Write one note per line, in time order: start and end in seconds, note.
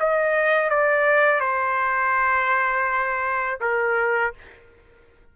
0.00 0.70 D#5
0.70 1.40 D5
1.40 3.60 C5
3.61 4.34 A#4